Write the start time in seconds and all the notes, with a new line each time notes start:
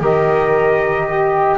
0.00 D#3 G4 A#4 D#5
1.07 G4